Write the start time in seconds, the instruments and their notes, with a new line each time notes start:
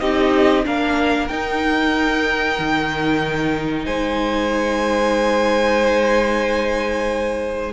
0.00 cello C4, viola D#4, violin G4 D#5
0.64 cello A#3, viola D4, violin A#4 F5
1.28 viola D#4, cello D#4, violin G5
2.59 cello D#3
3.86 cello G#3, violin C5 G#5